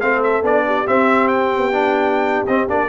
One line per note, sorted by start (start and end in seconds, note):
0.00 0.42 A3
0.00 0.43 C4
0.00 0.65 A4
0.00 0.21 F5
0.23 0.45 E5
0.42 0.85 B3
0.42 0.86 D4
0.42 0.87 D5
0.66 2.89 G4
0.86 1.72 C4
0.86 1.57 C4
0.86 1.28 E5
1.28 2.46 G5
1.57 2.43 B3
1.72 2.47 D4
2.46 2.69 C4
2.46 2.68 D#5
2.69 2.89 A#3
2.69 2.89 D4
2.69 2.89 D5